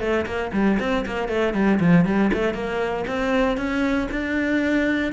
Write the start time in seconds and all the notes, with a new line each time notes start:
0.00 A3
0.26 A#3
0.53 G3
0.80 C4
1.06 A#3
1.29 A3
1.54 G3
1.80 F3
2.05 G3
2.33 A3
2.54 A#3
3.07 C4
3.57 C#4
4.11 D4